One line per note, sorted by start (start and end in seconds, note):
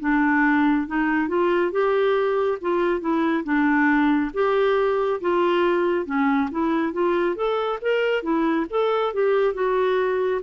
0.00 0.87 D4
0.87 1.28 D#4
1.28 1.71 F4
1.71 2.58 G4
2.61 3.00 F4
3.00 3.43 E4
3.44 4.31 D4
4.33 5.20 G4
5.20 6.05 F4
6.05 6.49 C#4
6.51 6.92 E4
6.92 7.35 F4
7.35 7.79 A4
7.81 8.22 A#4
8.22 8.66 E4
8.70 9.13 A4
9.13 9.54 G4
9.54 10.41 F#4